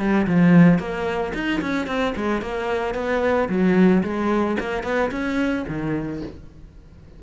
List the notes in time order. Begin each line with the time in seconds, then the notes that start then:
0.00 G3
0.28 F3
0.79 A#3
1.34 D#4
1.62 C#4
1.87 C4
2.16 G#3
2.42 A#3
2.95 B3
3.49 F#3
4.04 G#3
4.60 A#3
4.84 B3
5.12 C#4
5.69 D#3